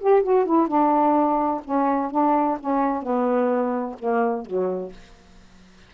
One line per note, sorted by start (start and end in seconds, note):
0.00 0.23 G4
0.23 0.45 F#4
0.45 0.67 E4
0.67 1.61 D4
1.64 2.11 C#4
2.11 2.58 D4
2.60 3.02 C#4
3.02 3.96 B3
3.99 4.45 A#3
4.45 4.92 F#3